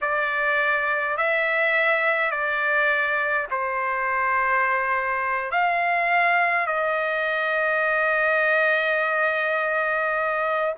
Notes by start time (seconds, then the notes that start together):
0.01 D5
1.17 E5
2.30 D5
3.51 C5
5.50 F5
6.66 D#5